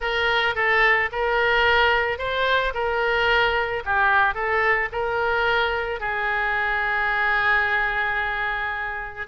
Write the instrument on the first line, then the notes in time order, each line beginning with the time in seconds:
oboe
0.00 A#4
0.55 A4
1.12 A#4
2.18 C5
2.74 A#4
3.85 G4
4.34 A4
4.91 A#4
6.00 G#4